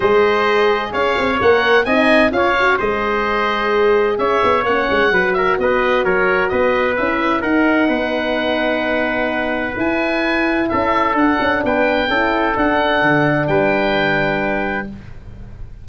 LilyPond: <<
  \new Staff \with { instrumentName = "oboe" } { \time 4/4 \tempo 4 = 129 dis''2 f''4 fis''4 | gis''4 f''4 dis''2~ | dis''4 e''4 fis''4. e''8 | dis''4 cis''4 dis''4 e''4 |
fis''1~ | fis''4 gis''2 e''4 | fis''4 g''2 fis''4~ | fis''4 g''2. | }
  \new Staff \with { instrumentName = "trumpet" } { \time 4/4 c''2 cis''2 | dis''4 cis''4 c''2~ | c''4 cis''2 b'8 ais'8 | b'4 ais'4 b'2 |
ais'4 b'2.~ | b'2. a'4~ | a'4 b'4 a'2~ | a'4 b'2. | }
  \new Staff \with { instrumentName = "horn" } { \time 4/4 gis'2. ais'4 | dis'4 f'8 fis'8 gis'2~ | gis'2 cis'4 fis'4~ | fis'2. e'4 |
dis'1~ | dis'4 e'2. | d'2 e'4 d'4~ | d'1 | }
  \new Staff \with { instrumentName = "tuba" } { \time 4/4 gis2 cis'8 c'8 ais4 | c'4 cis'4 gis2~ | gis4 cis'8 b8 ais8 gis8 fis4 | b4 fis4 b4 cis'4 |
dis'4 b2.~ | b4 e'2 cis'4 | d'8 cis'8 b4 cis'4 d'4 | d4 g2. | }
>>